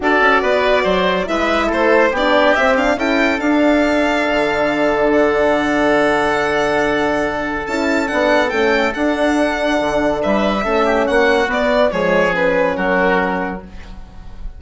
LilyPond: <<
  \new Staff \with { instrumentName = "violin" } { \time 4/4 \tempo 4 = 141 d''2. e''4 | c''4 d''4 e''8 f''8 g''4 | f''1 | fis''1~ |
fis''2 a''4 fis''4 | g''4 fis''2. | e''2 fis''4 d''4 | cis''4 b'4 ais'2 | }
  \new Staff \with { instrumentName = "oboe" } { \time 4/4 a'4 b'4 c''4 b'4 | a'4 g'2 a'4~ | a'1~ | a'1~ |
a'1~ | a'1 | b'4 a'8 g'8 fis'2 | gis'2 fis'2 | }
  \new Staff \with { instrumentName = "horn" } { \time 4/4 fis'2. e'4~ | e'4 d'4 c'8 d'8 e'4 | d'1~ | d'1~ |
d'2 e'4 d'4 | cis'4 d'2.~ | d'4 cis'2 b4 | gis4 cis'2. | }
  \new Staff \with { instrumentName = "bassoon" } { \time 4/4 d'8 cis'8 b4 fis4 gis4 | a4 b4 c'4 cis'4 | d'2 d2~ | d1~ |
d2 cis'4 b4 | a4 d'2 d4 | g4 a4 ais4 b4 | f2 fis2 | }
>>